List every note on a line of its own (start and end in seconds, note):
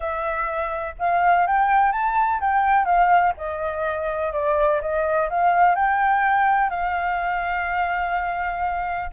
0.00 0.94 E5
0.98 1.46 F5
1.46 1.92 G5
1.92 2.40 A5
2.40 2.85 G5
2.85 3.33 F5
3.37 4.32 D#5
4.32 4.80 D5
4.81 5.29 D#5
5.29 5.75 F5
5.75 6.70 G5
6.70 9.10 F5